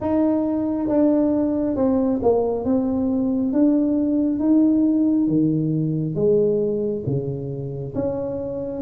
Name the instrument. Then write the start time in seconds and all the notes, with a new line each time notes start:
tuba
0.00 D#4
0.88 D4
1.76 C4
2.22 A#3
2.64 C4
3.52 D4
4.39 D#4
5.27 D#3
6.15 G#3
7.06 C#3
7.95 C#4